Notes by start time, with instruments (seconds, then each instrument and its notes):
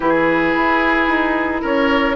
0.00 bassoon E3, clarinet E4, oboe G#4, flute B4
0.55 bassoon E4
1.07 bassoon D#4
1.61 bassoon C#4, oboe A#4, flute C#5